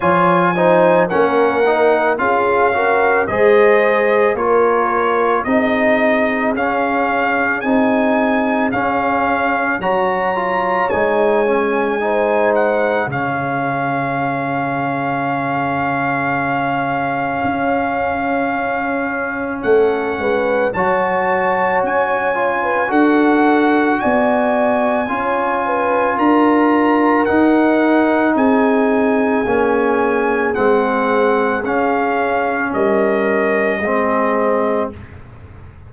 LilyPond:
<<
  \new Staff \with { instrumentName = "trumpet" } { \time 4/4 \tempo 4 = 55 gis''4 fis''4 f''4 dis''4 | cis''4 dis''4 f''4 gis''4 | f''4 ais''4 gis''4. fis''8 | f''1~ |
f''2 fis''4 a''4 | gis''4 fis''4 gis''2 | ais''4 fis''4 gis''2 | fis''4 f''4 dis''2 | }
  \new Staff \with { instrumentName = "horn" } { \time 4/4 cis''8 c''8 ais'4 gis'8 ais'8 c''4 | ais'4 gis'2.~ | gis'4 cis''2 c''4 | gis'1~ |
gis'2 a'8 b'8 cis''4~ | cis''8. b'16 a'4 d''4 cis''8 b'8 | ais'2 gis'2~ | gis'2 ais'4 gis'4 | }
  \new Staff \with { instrumentName = "trombone" } { \time 4/4 f'8 dis'8 cis'8 dis'8 f'8 fis'8 gis'4 | f'4 dis'4 cis'4 dis'4 | cis'4 fis'8 f'8 dis'8 cis'8 dis'4 | cis'1~ |
cis'2. fis'4~ | fis'8 f'8 fis'2 f'4~ | f'4 dis'2 cis'4 | c'4 cis'2 c'4 | }
  \new Staff \with { instrumentName = "tuba" } { \time 4/4 f4 ais4 cis'4 gis4 | ais4 c'4 cis'4 c'4 | cis'4 fis4 gis2 | cis1 |
cis'2 a8 gis8 fis4 | cis'4 d'4 b4 cis'4 | d'4 dis'4 c'4 ais4 | gis4 cis'4 g4 gis4 | }
>>